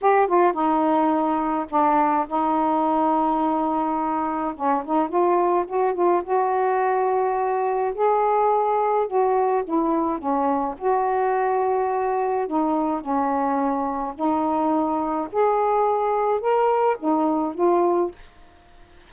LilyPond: \new Staff \with { instrumentName = "saxophone" } { \time 4/4 \tempo 4 = 106 g'8 f'8 dis'2 d'4 | dis'1 | cis'8 dis'8 f'4 fis'8 f'8 fis'4~ | fis'2 gis'2 |
fis'4 e'4 cis'4 fis'4~ | fis'2 dis'4 cis'4~ | cis'4 dis'2 gis'4~ | gis'4 ais'4 dis'4 f'4 | }